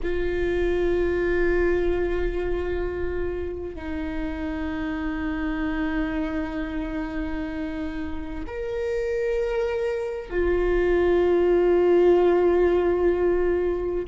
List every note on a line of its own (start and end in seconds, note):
0.03 3.75 F4
3.75 8.44 D#4
8.46 10.30 A#4
10.30 14.05 F4